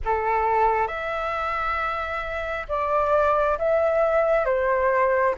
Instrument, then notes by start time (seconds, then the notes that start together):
flute
0.04 A4
0.87 E5
2.68 D5
3.58 E5
4.45 C5